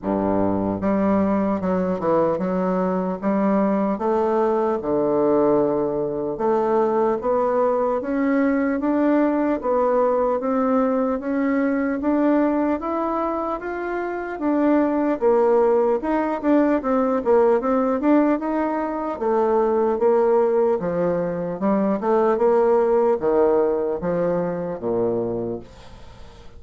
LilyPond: \new Staff \with { instrumentName = "bassoon" } { \time 4/4 \tempo 4 = 75 g,4 g4 fis8 e8 fis4 | g4 a4 d2 | a4 b4 cis'4 d'4 | b4 c'4 cis'4 d'4 |
e'4 f'4 d'4 ais4 | dis'8 d'8 c'8 ais8 c'8 d'8 dis'4 | a4 ais4 f4 g8 a8 | ais4 dis4 f4 ais,4 | }